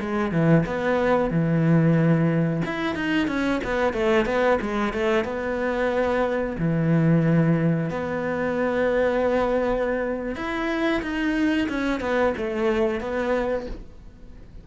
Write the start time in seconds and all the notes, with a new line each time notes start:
0.00 G#3
0.32 E3
0.66 B3
1.31 E3
2.66 E4
2.96 D#4
3.28 C#4
3.64 B3
3.94 A3
4.26 B3
4.62 G#3
4.94 A3
5.25 B3
6.59 E3
7.90 B3
10.36 E4
11.03 D#4
11.69 C#4
12.01 B3
12.37 A3
13.01 B3